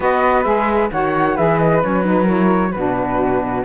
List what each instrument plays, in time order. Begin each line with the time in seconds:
0.00 cello B3, saxophone F#4, flute B4 D#5
0.43 cello G#3, saxophone G#4, flute E5
0.91 cello D#3, saxophone F#4, flute C#5 F#5
1.35 cello E3, saxophone G#4, flute B4 E5
1.59 flute D#5
1.81 cello F#3, saxophone C#4, flute C#5
2.04 saxophone D#4, flute B4
2.23 saxophone E4, flute A#4 C#5
2.71 cello B2, saxophone D4, flute F#4 B4